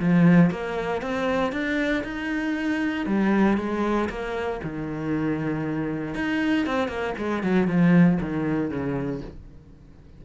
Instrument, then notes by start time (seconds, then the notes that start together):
cello
0.00 F3
0.51 A#3
1.02 C4
1.52 D4
2.04 D#4
3.07 G3
3.58 G#3
4.10 A#3
4.64 D#3
6.15 D#4
6.66 C4
6.89 A#3
7.18 G#3
7.43 F#3
7.68 F3
8.21 D#3
8.71 C#3